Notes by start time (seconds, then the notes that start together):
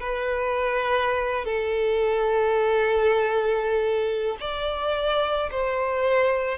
0.00 B4
1.45 A4
4.40 D5
5.51 C5